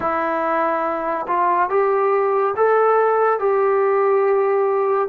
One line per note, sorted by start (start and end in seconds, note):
0.00 1.26 E4
1.27 1.69 F4
1.69 2.54 G4
2.56 3.39 A4
3.39 5.08 G4